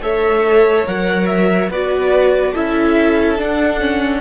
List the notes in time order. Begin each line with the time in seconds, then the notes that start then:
0.00 A3 A4 C#5 E5
0.86 F#3 A#4 F#5
1.26 E5
1.69 B3 F#4 B4 D5
2.52 C#4 E4 A4 E5
3.38 D4 F#5
3.80 C#4